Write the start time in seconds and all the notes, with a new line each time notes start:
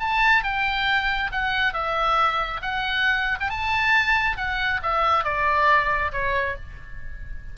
0.00 A5
0.44 G5
1.32 F#5
1.74 E5
2.62 F#5
3.41 G5
3.50 A5
4.37 F#5
4.83 E5
5.25 D5
6.12 C#5